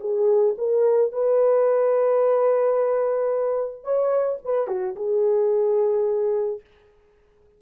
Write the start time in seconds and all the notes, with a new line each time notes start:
0.00 G#4
0.57 A#4
1.12 B4
3.84 C#5
4.44 B4
4.67 F#4
4.95 G#4